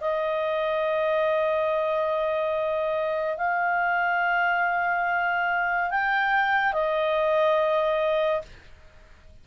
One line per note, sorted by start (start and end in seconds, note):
0.00 3.37 D#5
3.37 5.90 F5
5.90 6.72 G5
6.72 8.41 D#5